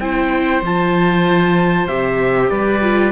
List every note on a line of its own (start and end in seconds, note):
0.00 0.62 C4
0.00 0.64 E4
0.00 2.51 C5
0.00 0.62 G5
0.62 1.87 F3
0.62 1.88 F4
0.62 1.87 A5
1.87 2.50 C3
1.87 2.82 G4
1.87 2.50 E5
2.50 3.12 G3
2.50 3.12 B4
2.50 3.12 D5
2.82 3.12 F4